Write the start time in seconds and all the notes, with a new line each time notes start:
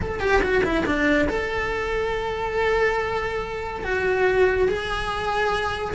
0.01 A4
0.20 G4
0.42 F#4
0.63 E4
0.85 D4
1.29 A4
3.84 F#4
4.68 G#4